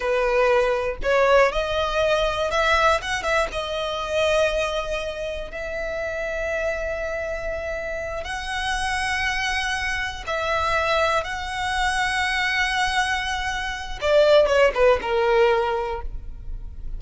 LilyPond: \new Staff \with { instrumentName = "violin" } { \time 4/4 \tempo 4 = 120 b'2 cis''4 dis''4~ | dis''4 e''4 fis''8 e''8 dis''4~ | dis''2. e''4~ | e''1~ |
e''8 fis''2.~ fis''8~ | fis''8 e''2 fis''4.~ | fis''1 | d''4 cis''8 b'8 ais'2 | }